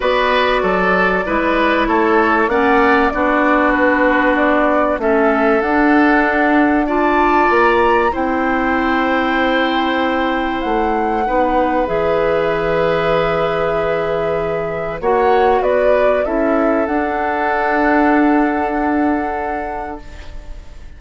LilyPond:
<<
  \new Staff \with { instrumentName = "flute" } { \time 4/4 \tempo 4 = 96 d''2. cis''4 | fis''4 d''4 b'4 d''4 | e''4 fis''2 a''4 | ais''4 g''2.~ |
g''4 fis''2 e''4~ | e''1 | fis''4 d''4 e''4 fis''4~ | fis''1 | }
  \new Staff \with { instrumentName = "oboe" } { \time 4/4 b'4 a'4 b'4 a'4 | d''4 fis'2. | a'2. d''4~ | d''4 c''2.~ |
c''2 b'2~ | b'1 | cis''4 b'4 a'2~ | a'1 | }
  \new Staff \with { instrumentName = "clarinet" } { \time 4/4 fis'2 e'2 | cis'4 d'2. | cis'4 d'2 f'4~ | f'4 e'2.~ |
e'2 dis'4 gis'4~ | gis'1 | fis'2 e'4 d'4~ | d'1 | }
  \new Staff \with { instrumentName = "bassoon" } { \time 4/4 b4 fis4 gis4 a4 | ais4 b2. | a4 d'2. | ais4 c'2.~ |
c'4 a4 b4 e4~ | e1 | ais4 b4 cis'4 d'4~ | d'1 | }
>>